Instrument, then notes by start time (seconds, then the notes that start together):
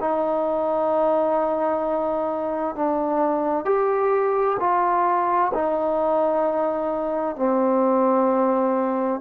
trombone
0.00 D#4
2.75 D4
3.65 G4
4.59 F4
5.54 D#4
7.36 C4